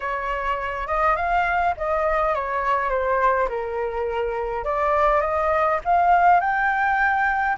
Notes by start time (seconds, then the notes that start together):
0.00 C#5
0.87 D#5
1.16 F5
1.77 D#5
2.34 C#5
2.89 C5
3.48 A#4
4.64 D5
5.21 D#5
5.84 F5
6.40 G5